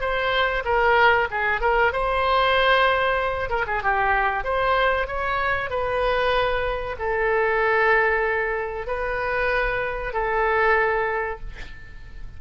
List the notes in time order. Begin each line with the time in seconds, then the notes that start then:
0.00 C5
0.64 A#4
1.30 G#4
1.60 A#4
1.92 C5
3.49 A#4
3.67 G#4
3.83 G4
4.44 C5
5.07 C#5
5.70 B4
6.98 A4
8.87 B4
10.13 A4